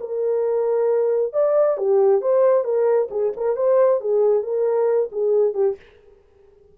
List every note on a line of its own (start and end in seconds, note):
0.00 1.33 A#4
1.33 1.77 D5
1.77 2.21 G4
2.21 2.64 C5
2.64 3.08 A#4
3.10 3.33 G#4
3.36 3.56 A#4
3.56 4.00 C5
4.00 4.43 G#4
4.43 5.09 A#4
5.12 5.53 G#4
5.53 5.76 G4